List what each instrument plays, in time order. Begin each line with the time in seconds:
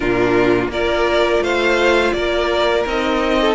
0.00 cello A#2, viola D4, violin F4 A#4
0.67 cello A#3, viola F4, violin A#4 D5
1.40 cello A3, violin C5 F5
2.12 cello A#3, violin A#4 D5
2.85 cello C4, viola D#4, violin D#5
3.41 violin A4